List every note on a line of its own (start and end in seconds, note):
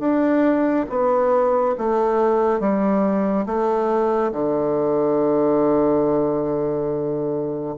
0.00 0.86 D4
0.90 1.76 B3
1.78 2.61 A3
2.61 3.46 G3
3.46 4.32 A3
4.32 7.75 D3